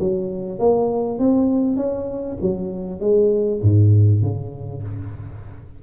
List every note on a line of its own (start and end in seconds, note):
0.00 0.59 F#3
0.59 1.19 A#3
1.19 1.77 C4
1.77 2.38 C#4
2.42 3.01 F#3
3.01 3.61 G#3
3.63 4.23 G#2
4.23 4.83 C#3